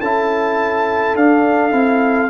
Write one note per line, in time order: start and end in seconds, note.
0.00 1.14 C#4
0.00 1.16 E4
0.00 2.30 A4
0.00 1.16 A5
1.14 1.72 D4
1.14 1.70 D4
1.14 2.30 F5
1.70 2.30 C4
1.70 2.28 E4